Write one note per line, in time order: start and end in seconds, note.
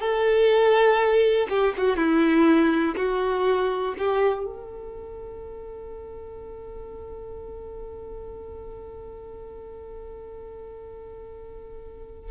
0.00 1.48 A4
1.49 1.74 G4
1.77 1.97 F#4
1.97 2.95 E4
2.96 3.95 F#4
3.98 4.45 G4
4.45 12.31 A4